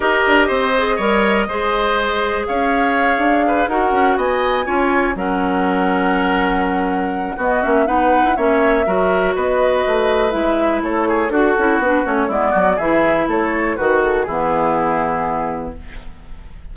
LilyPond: <<
  \new Staff \with { instrumentName = "flute" } { \time 4/4 \tempo 4 = 122 dis''1~ | dis''4 f''2~ f''8 fis''8~ | fis''8 gis''2 fis''4.~ | fis''2. dis''8 e''8 |
fis''4 e''2 dis''4~ | dis''4 e''4 cis''4 a'4 | b'8 cis''8 d''4 e''4 cis''4 | b'8 a'8 gis'2. | }
  \new Staff \with { instrumentName = "oboe" } { \time 4/4 ais'4 c''4 cis''4 c''4~ | c''4 cis''2 b'8 ais'8~ | ais'8 dis''4 cis''4 ais'4.~ | ais'2. fis'4 |
b'4 cis''4 ais'4 b'4~ | b'2 a'8 gis'8 fis'4~ | fis'4 e'8 fis'8 gis'4 a'4 | fis'4 e'2. | }
  \new Staff \with { instrumentName = "clarinet" } { \time 4/4 g'4. gis'8 ais'4 gis'4~ | gis'2.~ gis'8 fis'8~ | fis'4. f'4 cis'4.~ | cis'2. b8 cis'8 |
dis'4 cis'4 fis'2~ | fis'4 e'2 fis'8 e'8 | d'8 cis'8 b4 e'2 | fis'4 b2. | }
  \new Staff \with { instrumentName = "bassoon" } { \time 4/4 dis'8 d'8 c'4 g4 gis4~ | gis4 cis'4. d'4 dis'8 | cis'8 b4 cis'4 fis4.~ | fis2. b8 ais8 |
b8. e'16 ais4 fis4 b4 | a4 gis4 a4 d'8 cis'8 | b8 a8 gis8 fis8 e4 a4 | dis4 e2. | }
>>